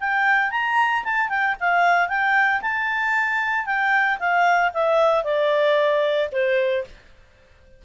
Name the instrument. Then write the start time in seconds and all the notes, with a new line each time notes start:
clarinet
0.00 G5
0.51 A#5
1.04 A5
1.29 G5
1.60 F5
2.08 G5
2.61 A5
3.66 G5
4.19 F5
4.74 E5
5.24 D5
6.32 C5